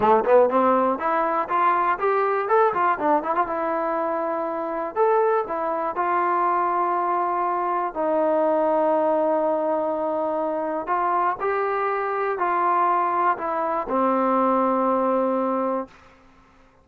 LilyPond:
\new Staff \with { instrumentName = "trombone" } { \time 4/4 \tempo 4 = 121 a8 b8 c'4 e'4 f'4 | g'4 a'8 f'8 d'8 e'16 f'16 e'4~ | e'2 a'4 e'4 | f'1 |
dis'1~ | dis'2 f'4 g'4~ | g'4 f'2 e'4 | c'1 | }